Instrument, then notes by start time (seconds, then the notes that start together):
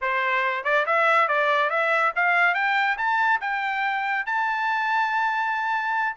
trumpet
0.01 C5
0.64 D5
0.85 E5
1.28 D5
1.69 E5
2.15 F5
2.54 G5
2.97 A5
3.40 G5
4.26 A5